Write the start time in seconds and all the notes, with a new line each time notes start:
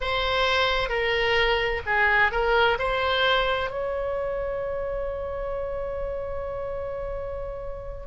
0.00 C5
0.89 A#4
1.85 G#4
2.31 A#4
2.78 C5
3.70 C#5